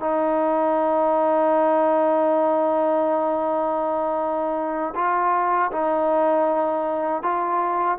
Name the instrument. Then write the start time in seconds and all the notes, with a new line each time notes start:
trombone
0.00 D#4
4.95 F4
5.72 D#4
7.23 F4